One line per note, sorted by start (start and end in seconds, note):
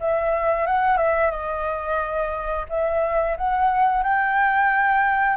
0.00 0.66 E5
0.66 0.97 F#5
0.97 1.31 E5
1.31 2.66 D#5
2.69 3.36 E5
3.37 4.03 F#5
4.03 5.37 G5